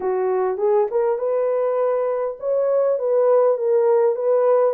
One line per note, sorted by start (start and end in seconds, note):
0.00 0.57 F#4
0.57 0.87 G#4
0.90 1.18 A#4
1.18 2.37 B4
2.39 2.98 C#5
2.98 3.57 B4
3.57 4.15 A#4
4.15 4.74 B4